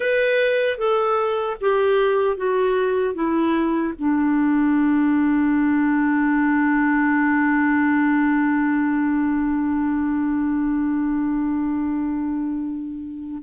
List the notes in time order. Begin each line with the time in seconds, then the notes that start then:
0.00 B4
0.78 A4
1.60 G4
2.36 F#4
3.14 E4
3.98 D4